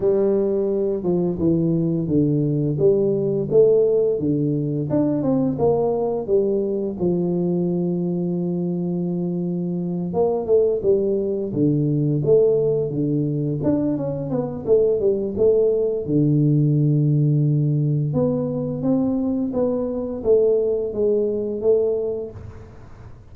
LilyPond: \new Staff \with { instrumentName = "tuba" } { \time 4/4 \tempo 4 = 86 g4. f8 e4 d4 | g4 a4 d4 d'8 c'8 | ais4 g4 f2~ | f2~ f8 ais8 a8 g8~ |
g8 d4 a4 d4 d'8 | cis'8 b8 a8 g8 a4 d4~ | d2 b4 c'4 | b4 a4 gis4 a4 | }